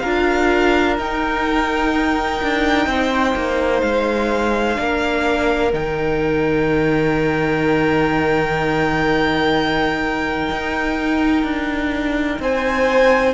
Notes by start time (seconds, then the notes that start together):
0.00 D4 F4 A#4 F5
0.99 D#4 G5
2.43 D4
2.87 C4 C5
3.36 A#3
3.82 G#3 F5
4.76 A#3 D4 A#4
5.73 D#3 D#4 G5
10.51 D#4
11.44 D4
12.40 C4 C5 G#5